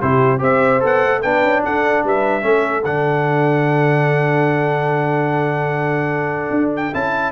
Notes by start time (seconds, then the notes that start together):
0.00 C3 E4 G4 C5
0.39 C4 G4 C5 E5
0.80 B3 A4 F#5
1.04 A3
1.22 B3 D4 B4 G5
1.44 C#4
1.64 D4 A4 F#5
2.04 G3 B4 E5
2.42 A3 C#4 A4
2.85 D3 D4 F#5
6.51 D4
6.76 G5
6.93 C#4 E4 A5